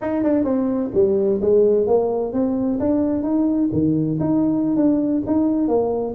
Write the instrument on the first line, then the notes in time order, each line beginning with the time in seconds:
tuba
0.01 D#4
0.23 D4
0.44 C4
0.94 G3
1.41 G#3
1.86 A#3
2.33 C4
2.79 D4
3.22 D#4
3.72 D#3
4.20 D#4
4.76 D4
5.26 D#4
5.68 A#3